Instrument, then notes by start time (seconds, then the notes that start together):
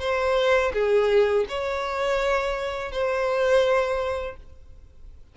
violin
0.00 C5
0.74 G#4
1.49 C#5
2.92 C5